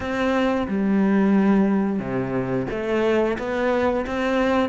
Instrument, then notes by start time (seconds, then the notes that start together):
cello
0.00 C4
0.67 G3
1.99 C3
2.70 A3
3.38 B3
4.06 C4